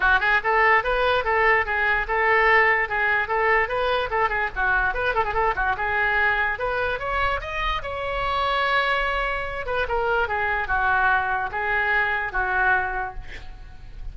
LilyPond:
\new Staff \with { instrumentName = "oboe" } { \time 4/4 \tempo 4 = 146 fis'8 gis'8 a'4 b'4 a'4 | gis'4 a'2 gis'4 | a'4 b'4 a'8 gis'8 fis'4 | b'8 a'16 gis'16 a'8 fis'8 gis'2 |
b'4 cis''4 dis''4 cis''4~ | cis''2.~ cis''8 b'8 | ais'4 gis'4 fis'2 | gis'2 fis'2 | }